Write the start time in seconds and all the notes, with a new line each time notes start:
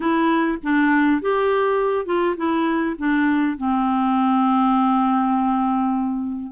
0.00 E4
0.63 D4
1.21 G4
2.05 F4
2.36 E4
2.98 D4
3.57 C4